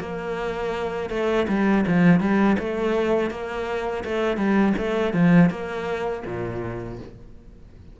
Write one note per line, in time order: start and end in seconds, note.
0.00 1.10 A#3
1.10 1.46 A3
1.48 1.85 G3
1.87 2.20 F3
2.20 2.56 G3
2.59 3.31 A3
3.31 4.04 A#3
4.04 4.37 A3
4.37 4.74 G3
4.78 5.14 A3
5.14 5.50 F3
5.50 6.24 A#3
6.26 6.99 A#2